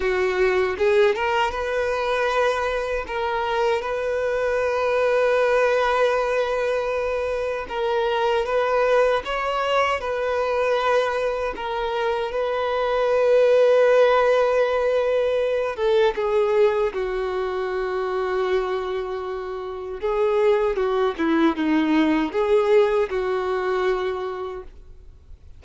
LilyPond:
\new Staff \with { instrumentName = "violin" } { \time 4/4 \tempo 4 = 78 fis'4 gis'8 ais'8 b'2 | ais'4 b'2.~ | b'2 ais'4 b'4 | cis''4 b'2 ais'4 |
b'1~ | b'8 a'8 gis'4 fis'2~ | fis'2 gis'4 fis'8 e'8 | dis'4 gis'4 fis'2 | }